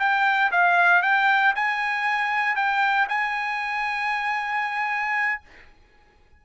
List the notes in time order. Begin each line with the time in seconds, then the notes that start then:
0.00 G5
0.52 F5
1.03 G5
1.56 G#5
2.56 G5
3.09 G#5